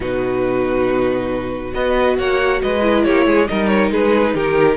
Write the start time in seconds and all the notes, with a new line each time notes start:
0.00 B2 D#4 F#4 B4
1.72 B3 F#4 B4 D#5
2.17 A#3 C#5 F#5
2.62 G#3 B4 D#5
2.82 E4
3.04 A#3 G4 C#5
3.26 G#3 G#4
3.47 G3 D#4 A#4 D#5
3.67 C#5
3.90 G#3 G#4 B4
4.34 D#3 G4 A#4